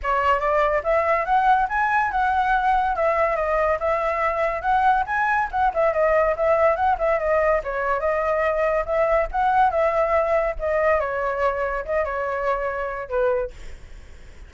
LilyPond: \new Staff \with { instrumentName = "flute" } { \time 4/4 \tempo 4 = 142 cis''4 d''4 e''4 fis''4 | gis''4 fis''2 e''4 | dis''4 e''2 fis''4 | gis''4 fis''8 e''8 dis''4 e''4 |
fis''8 e''8 dis''4 cis''4 dis''4~ | dis''4 e''4 fis''4 e''4~ | e''4 dis''4 cis''2 | dis''8 cis''2~ cis''8 b'4 | }